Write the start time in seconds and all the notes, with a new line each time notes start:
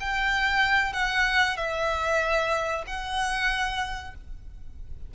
0.00 G5
0.93 F#5
1.57 E5
2.87 F#5